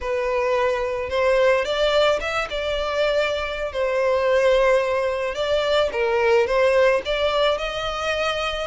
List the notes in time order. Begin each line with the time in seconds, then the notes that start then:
0.01 B4
1.09 C5
1.64 D5
2.20 E5
2.50 D5
3.72 C5
5.34 D5
5.92 A#4
6.46 C5
7.05 D5
7.58 D#5